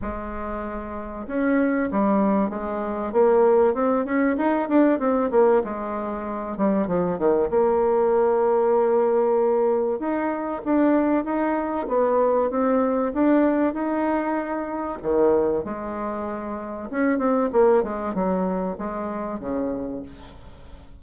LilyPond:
\new Staff \with { instrumentName = "bassoon" } { \time 4/4 \tempo 4 = 96 gis2 cis'4 g4 | gis4 ais4 c'8 cis'8 dis'8 d'8 | c'8 ais8 gis4. g8 f8 dis8 | ais1 |
dis'4 d'4 dis'4 b4 | c'4 d'4 dis'2 | dis4 gis2 cis'8 c'8 | ais8 gis8 fis4 gis4 cis4 | }